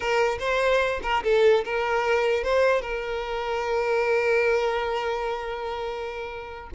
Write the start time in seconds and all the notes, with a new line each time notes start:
0.00 A#4
0.39 C5
1.02 A#4
1.23 A4
1.64 A#4
2.43 C5
2.81 A#4